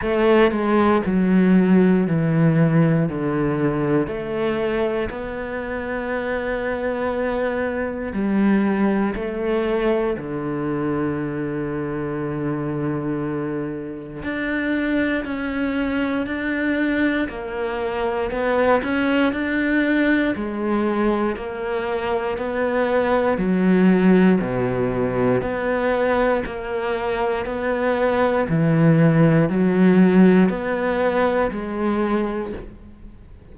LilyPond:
\new Staff \with { instrumentName = "cello" } { \time 4/4 \tempo 4 = 59 a8 gis8 fis4 e4 d4 | a4 b2. | g4 a4 d2~ | d2 d'4 cis'4 |
d'4 ais4 b8 cis'8 d'4 | gis4 ais4 b4 fis4 | b,4 b4 ais4 b4 | e4 fis4 b4 gis4 | }